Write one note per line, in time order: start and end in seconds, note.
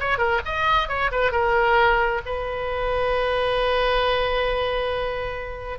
0.00 0.18 C#5
0.18 0.41 A#4
0.45 0.89 D#5
0.89 1.11 C#5
1.12 1.32 B4
1.32 2.21 A#4
2.26 5.79 B4